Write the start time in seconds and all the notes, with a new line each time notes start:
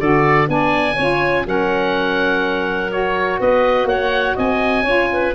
0.00 D3 F#4 A4 D5
0.47 B3 D4 D5 G#5
0.95 C#4 F4 C#5
1.45 F#3 C#4 A#4 F#5
2.90 F#4 C#5
3.40 B3 B4 D#5
3.85 A#3 C#5 F#5
4.35 C4 D#5 G#5
4.83 C#4 F4 C#5
5.13 B4